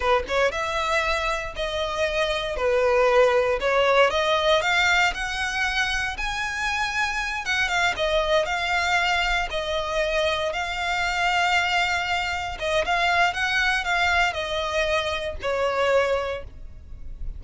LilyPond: \new Staff \with { instrumentName = "violin" } { \time 4/4 \tempo 4 = 117 b'8 cis''8 e''2 dis''4~ | dis''4 b'2 cis''4 | dis''4 f''4 fis''2 | gis''2~ gis''8 fis''8 f''8 dis''8~ |
dis''8 f''2 dis''4.~ | dis''8 f''2.~ f''8~ | f''8 dis''8 f''4 fis''4 f''4 | dis''2 cis''2 | }